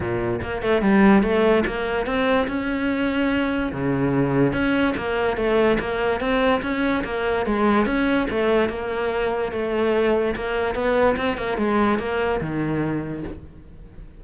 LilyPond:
\new Staff \with { instrumentName = "cello" } { \time 4/4 \tempo 4 = 145 ais,4 ais8 a8 g4 a4 | ais4 c'4 cis'2~ | cis'4 cis2 cis'4 | ais4 a4 ais4 c'4 |
cis'4 ais4 gis4 cis'4 | a4 ais2 a4~ | a4 ais4 b4 c'8 ais8 | gis4 ais4 dis2 | }